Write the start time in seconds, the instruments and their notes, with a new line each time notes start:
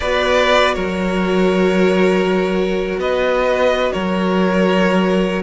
0.00 cello B3, viola F#4, violin B4 D5
0.74 cello F#3, violin A#4 C#5
2.97 cello B3, violin B4 D#5
3.92 cello F#3, violin A#4 C#5